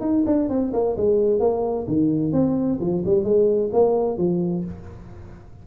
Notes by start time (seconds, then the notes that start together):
0.00 D#4
0.26 D4
0.49 C4
0.73 A#3
0.96 G#3
1.39 A#3
1.87 D#3
2.32 C4
2.80 F3
3.05 G3
3.23 G#3
3.73 A#3
4.17 F3